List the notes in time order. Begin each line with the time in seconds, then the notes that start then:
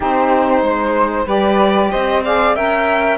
0.00 C4 D#4 G4 C5
0.62 G#3 C5
1.26 G3 G4 B4 D5
1.90 C4 C5 D#5
2.24 G#4 D5 F5
2.55 C#4 A#4 E5 G5